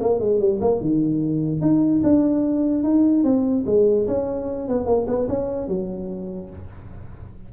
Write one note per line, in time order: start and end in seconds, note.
0.00 0.19 A#3
0.19 0.39 G#3
0.39 0.60 G3
0.60 0.80 A#3
0.80 1.61 D#3
1.61 2.01 D#4
2.03 2.83 D4
2.83 3.24 D#4
3.24 3.64 C4
3.66 4.07 G#3
4.07 4.68 C#4
4.68 4.86 B3
4.86 5.06 A#3
5.07 5.27 B3
5.28 5.68 C#4
5.68 6.49 F#3